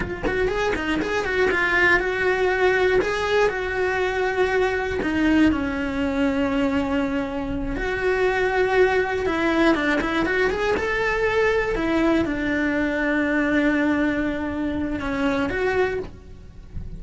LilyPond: \new Staff \with { instrumentName = "cello" } { \time 4/4 \tempo 4 = 120 f'8 fis'8 gis'8 dis'8 gis'8 fis'8 f'4 | fis'2 gis'4 fis'4~ | fis'2 dis'4 cis'4~ | cis'2.~ cis'8 fis'8~ |
fis'2~ fis'8 e'4 d'8 | e'8 fis'8 gis'8 a'2 e'8~ | e'8 d'2.~ d'8~ | d'2 cis'4 fis'4 | }